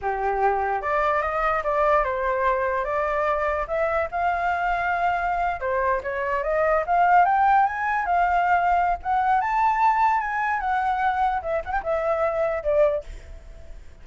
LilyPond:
\new Staff \with { instrumentName = "flute" } { \time 4/4 \tempo 4 = 147 g'2 d''4 dis''4 | d''4 c''2 d''4~ | d''4 e''4 f''2~ | f''4.~ f''16 c''4 cis''4 dis''16~ |
dis''8. f''4 g''4 gis''4 f''16~ | f''2 fis''4 a''4~ | a''4 gis''4 fis''2 | e''8 fis''16 g''16 e''2 d''4 | }